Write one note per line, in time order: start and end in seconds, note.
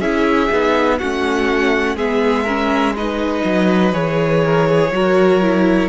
0.00 0.50 C#4
0.00 0.50 E4
0.00 0.98 G#4
0.00 0.99 E5
0.50 1.01 B3
0.50 0.99 D#4
0.99 1.95 A3
0.99 1.98 C#4
0.99 1.96 F#4
0.99 1.97 F#5
1.95 3.43 G#3
1.95 2.47 B3
1.95 2.44 G#4
1.95 2.96 E5
2.44 2.97 C#4
2.44 2.93 A#4
2.96 3.93 D#4
2.96 4.44 B4
2.96 3.94 D#5
3.45 3.93 F#3
3.93 4.92 E3
3.93 4.91 G#4
3.93 5.90 C#5
4.45 4.69 A#4
4.69 4.94 G#4
4.92 5.90 F#3
4.92 5.42 F#4
4.92 5.90 A#4
5.42 5.90 E4